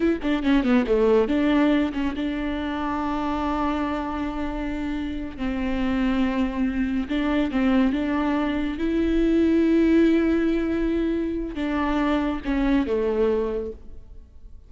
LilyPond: \new Staff \with { instrumentName = "viola" } { \time 4/4 \tempo 4 = 140 e'8 d'8 cis'8 b8 a4 d'4~ | d'8 cis'8 d'2.~ | d'1~ | d'8 c'2.~ c'8~ |
c'8 d'4 c'4 d'4.~ | d'8 e'2.~ e'8~ | e'2. d'4~ | d'4 cis'4 a2 | }